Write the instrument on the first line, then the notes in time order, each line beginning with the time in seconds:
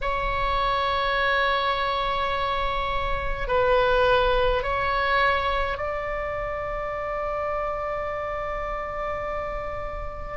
oboe
0.01 C#5
3.47 B4
4.63 C#5
5.77 D5